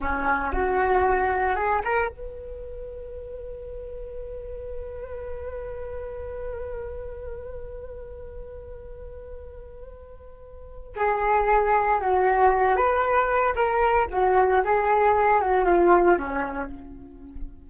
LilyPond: \new Staff \with { instrumentName = "flute" } { \time 4/4 \tempo 4 = 115 cis'4 fis'2 gis'8 ais'8 | b'1~ | b'1~ | b'1~ |
b'1~ | b'4 gis'2 fis'4~ | fis'8 b'4. ais'4 fis'4 | gis'4. fis'8 f'4 cis'4 | }